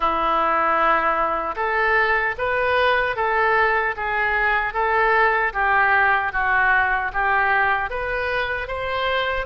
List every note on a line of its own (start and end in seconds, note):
0.00 1.55 E4
1.56 2.35 A4
2.38 3.16 B4
3.16 3.95 A4
3.96 4.73 G#4
4.73 5.52 A4
5.53 6.32 G4
6.32 7.11 F#4
7.13 7.89 G4
7.89 8.67 B4
8.67 9.46 C5